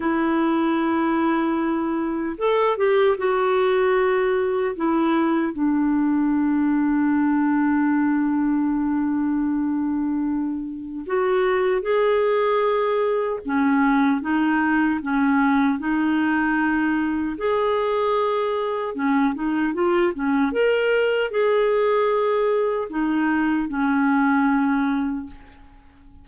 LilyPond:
\new Staff \with { instrumentName = "clarinet" } { \time 4/4 \tempo 4 = 76 e'2. a'8 g'8 | fis'2 e'4 d'4~ | d'1~ | d'2 fis'4 gis'4~ |
gis'4 cis'4 dis'4 cis'4 | dis'2 gis'2 | cis'8 dis'8 f'8 cis'8 ais'4 gis'4~ | gis'4 dis'4 cis'2 | }